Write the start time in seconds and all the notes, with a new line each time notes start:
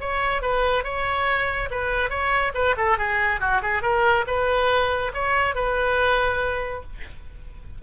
0.00 C#5
0.42 B4
0.84 C#5
1.71 B4
2.10 C#5
2.54 B4
2.77 A4
2.98 G#4
3.40 F#4
3.62 G#4
3.82 A#4
4.27 B4
5.14 C#5
5.55 B4